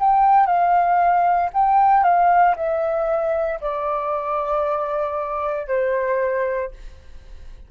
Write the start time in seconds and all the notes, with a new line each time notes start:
0.00 G5
0.47 F5
1.54 G5
2.04 F5
2.56 E5
3.61 D5
5.68 C5